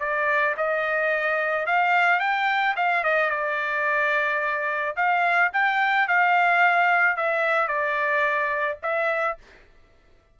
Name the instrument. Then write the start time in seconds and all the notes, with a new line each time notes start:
trumpet
0.00 D5
0.57 D#5
1.66 F5
2.20 G5
2.76 F5
3.04 D#5
3.30 D5
4.96 F5
5.53 G5
6.08 F5
7.17 E5
7.68 D5
8.83 E5